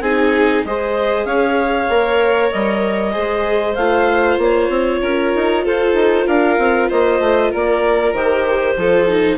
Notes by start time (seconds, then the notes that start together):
0.00 C4 D#4 G#4 G#5
0.64 G#3 G#4 C5 D#5
1.24 C#4 C#5 F5
1.89 A#3 A#4
2.51 G3 D#5
3.12 G#3 G#4 C5
3.75 A3 F4 F5
4.38 A#3 C#5
4.68 C4
5.01 C#4 A#4
5.35 D#4
5.64 F4 A4 C5
5.93 D#4
6.26 D4 A#4 F5
6.58 C4
6.89 A#3 C5 D#5
7.19 A3
7.50 A#3 A#4 D5
8.13 D#3 G4 C5
8.76 F3 F4 A4
9.08 D#4